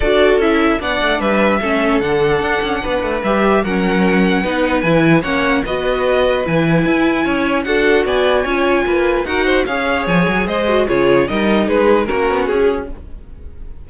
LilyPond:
<<
  \new Staff \with { instrumentName = "violin" } { \time 4/4 \tempo 4 = 149 d''4 e''4 fis''4 e''4~ | e''4 fis''2. | e''4 fis''2. | gis''4 fis''4 dis''2 |
gis''2. fis''4 | gis''2. fis''4 | f''4 gis''4 dis''4 cis''4 | dis''4 b'4 ais'4 gis'4 | }
  \new Staff \with { instrumentName = "violin" } { \time 4/4 a'2 d''4 b'4 | a'2. b'4~ | b'4 ais'2 b'4~ | b'4 cis''4 b'2~ |
b'2 cis''4 a'4 | d''4 cis''4 b'4 ais'8 c''8 | cis''2 c''4 gis'4 | ais'4 gis'4 fis'2 | }
  \new Staff \with { instrumentName = "viola" } { \time 4/4 fis'4 e'4 d'2 | cis'4 d'2. | g'4 cis'2 dis'4 | e'4 cis'4 fis'2 |
e'2. fis'4~ | fis'4 f'2 fis'4 | gis'2~ gis'8 fis'8 f'4 | dis'2 cis'2 | }
  \new Staff \with { instrumentName = "cello" } { \time 4/4 d'4 cis'4 b8 a8 g4 | a4 d4 d'8 cis'8 b8 a8 | g4 fis2 b4 | e4 ais4 b2 |
e4 e'4 cis'4 d'4 | b4 cis'4 ais4 dis'4 | cis'4 f8 fis8 gis4 cis4 | g4 gis4 ais8 b8 cis'4 | }
>>